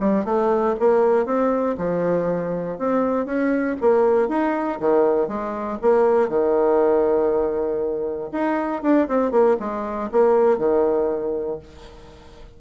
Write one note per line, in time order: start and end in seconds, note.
0.00 0.25 G3
0.25 0.75 A3
0.79 1.26 A#3
1.26 1.76 C4
1.77 2.78 F3
2.78 3.25 C4
3.25 3.76 C#4
3.81 4.28 A#3
4.28 4.79 D#4
4.80 5.28 D#3
5.28 5.78 G#3
5.81 6.29 A#3
6.29 8.30 D#3
8.32 8.82 D#4
8.82 9.08 D4
9.08 9.31 C4
9.31 9.56 A#3
9.59 10.10 G#3
10.11 10.58 A#3
10.58 11.59 D#3